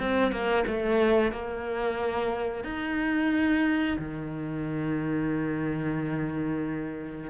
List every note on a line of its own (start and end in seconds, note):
0.00 0.32 C4
0.32 0.65 A#3
0.67 1.32 A3
1.32 2.65 A#3
2.65 3.98 D#4
3.99 7.31 D#3